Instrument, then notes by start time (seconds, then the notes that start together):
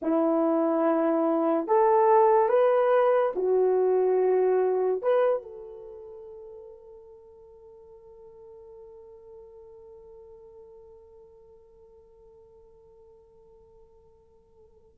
horn
0.02 E4
1.67 A4
2.48 B4
3.35 F#4
5.02 B4
5.42 A4